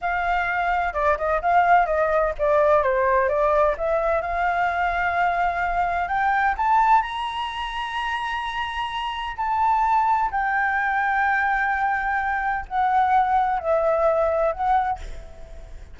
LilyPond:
\new Staff \with { instrumentName = "flute" } { \time 4/4 \tempo 4 = 128 f''2 d''8 dis''8 f''4 | dis''4 d''4 c''4 d''4 | e''4 f''2.~ | f''4 g''4 a''4 ais''4~ |
ais''1 | a''2 g''2~ | g''2. fis''4~ | fis''4 e''2 fis''4 | }